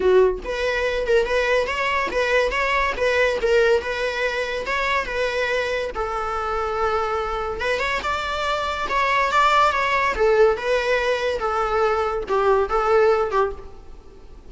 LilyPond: \new Staff \with { instrumentName = "viola" } { \time 4/4 \tempo 4 = 142 fis'4 b'4. ais'8 b'4 | cis''4 b'4 cis''4 b'4 | ais'4 b'2 cis''4 | b'2 a'2~ |
a'2 b'8 cis''8 d''4~ | d''4 cis''4 d''4 cis''4 | a'4 b'2 a'4~ | a'4 g'4 a'4. g'8 | }